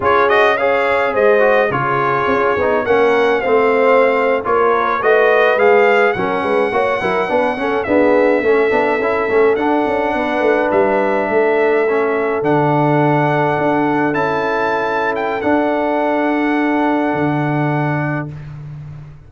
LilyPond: <<
  \new Staff \with { instrumentName = "trumpet" } { \time 4/4 \tempo 4 = 105 cis''8 dis''8 f''4 dis''4 cis''4~ | cis''4 fis''4 f''4.~ f''16 cis''16~ | cis''8. dis''4 f''4 fis''4~ fis''16~ | fis''4.~ fis''16 e''2~ e''16~ |
e''8. fis''2 e''4~ e''16~ | e''4.~ e''16 fis''2~ fis''16~ | fis''8. a''4.~ a''16 g''8 fis''4~ | fis''1 | }
  \new Staff \with { instrumentName = "horn" } { \time 4/4 gis'4 cis''4 c''4 gis'4~ | gis'4 ais'4 c''4.~ c''16 ais'16~ | ais'8. b'2 ais'8 b'8 cis''16~ | cis''16 ais'8 b'8 a'8 gis'4 a'4~ a'16~ |
a'4.~ a'16 b'2 a'16~ | a'1~ | a'1~ | a'1 | }
  \new Staff \with { instrumentName = "trombone" } { \time 4/4 f'8 fis'8 gis'4. fis'8 f'4~ | f'8 dis'8 cis'4 c'4.~ c'16 f'16~ | f'8. fis'4 gis'4 cis'4 fis'16~ | fis'16 e'8 d'8 cis'8 b4 cis'8 d'8 e'16~ |
e'16 cis'8 d'2.~ d'16~ | d'8. cis'4 d'2~ d'16~ | d'8. e'2~ e'16 d'4~ | d'1 | }
  \new Staff \with { instrumentName = "tuba" } { \time 4/4 cis'2 gis4 cis4 | cis'8 b8 ais4 a4.~ a16 ais16~ | ais8. a4 gis4 fis8 gis8 ais16~ | ais16 fis8 b8 cis'8 d'4 a8 b8 cis'16~ |
cis'16 a8 d'8 cis'8 b8 a8 g4 a16~ | a4.~ a16 d2 d'16~ | d'8. cis'2~ cis'16 d'4~ | d'2 d2 | }
>>